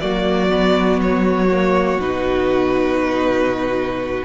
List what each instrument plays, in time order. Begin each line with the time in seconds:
0.00 cello F#3, viola A#3, violin F#4 D5
0.50 viola B3
1.01 violin C#5
1.51 viola A#3
1.97 cello B2, viola D#4, violin B4